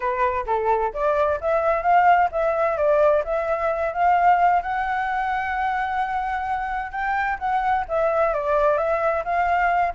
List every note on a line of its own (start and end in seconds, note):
0.00 0.45 B4
0.46 0.92 A4
0.93 1.39 D5
1.40 1.82 E5
1.82 2.28 F5
2.31 2.77 E5
2.77 3.23 D5
3.24 3.93 E5
3.93 4.62 F5
4.62 6.91 F#5
6.91 7.37 G5
7.38 7.85 F#5
7.88 8.33 E5
8.33 8.77 D5
8.77 9.23 E5
9.24 9.93 F5